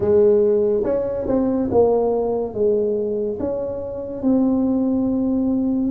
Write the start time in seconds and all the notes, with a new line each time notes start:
0.00 G#3
0.83 C#4
1.27 C4
1.71 A#3
2.54 G#3
3.39 C#4
4.22 C4